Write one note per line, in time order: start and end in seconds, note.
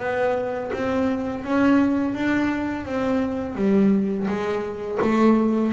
0.00 0.71 B3
0.73 1.44 C4
1.44 2.15 C#4
2.15 2.85 D4
2.85 3.56 C4
3.56 4.27 G3
4.28 4.99 G#3
5.02 5.73 A3